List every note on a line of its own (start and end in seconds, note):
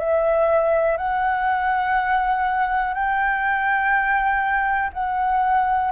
0.00 0.97 E5
0.97 2.94 F#5
2.94 4.91 G5
4.94 5.92 F#5